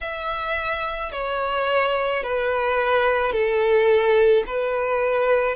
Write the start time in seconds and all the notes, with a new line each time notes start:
0.01 E5
1.12 C#5
2.23 B4
3.32 A4
4.46 B4